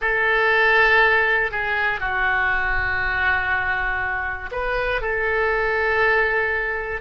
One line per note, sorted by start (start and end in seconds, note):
0.00 1.50 A4
1.50 2.00 G#4
2.00 4.50 F#4
4.51 5.00 B4
5.00 7.00 A4